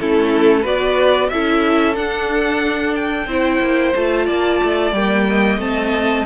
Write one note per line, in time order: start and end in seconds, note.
0.00 0.65 A3
0.00 0.64 C#4
0.00 0.62 E4
0.00 0.66 A4
0.62 1.31 B3
0.62 1.30 F#4
0.62 1.27 B4
0.62 1.30 D5
1.30 1.98 C#4
1.30 1.95 E4
1.30 3.27 A4
1.30 1.95 E5
1.95 3.27 D4
1.95 2.95 F#5
2.96 3.95 G5
3.27 3.60 C4
3.27 3.95 E4
3.27 4.26 C5
3.60 3.93 A#3
3.95 4.28 A3
3.95 4.94 F4
3.95 4.94 A5
4.26 4.61 A#3
4.26 5.25 D5
4.63 4.93 A3
4.93 5.58 G3
4.93 5.59 A#3
4.93 5.60 G5
5.30 6.26 D#5
5.58 6.24 A3
5.58 6.25 C4
5.58 6.26 A5